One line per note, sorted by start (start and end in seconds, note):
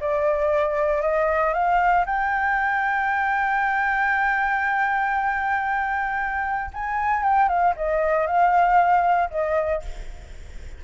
0.00 1.02 D5
1.02 1.53 D#5
1.53 2.05 F5
2.05 6.71 G5
6.73 7.23 G#5
7.23 7.48 G5
7.48 7.74 F5
7.76 8.26 D#5
8.26 9.30 F5
9.30 9.82 D#5